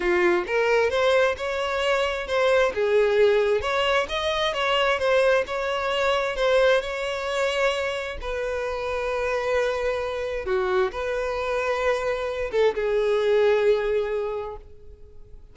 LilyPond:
\new Staff \with { instrumentName = "violin" } { \time 4/4 \tempo 4 = 132 f'4 ais'4 c''4 cis''4~ | cis''4 c''4 gis'2 | cis''4 dis''4 cis''4 c''4 | cis''2 c''4 cis''4~ |
cis''2 b'2~ | b'2. fis'4 | b'2.~ b'8 a'8 | gis'1 | }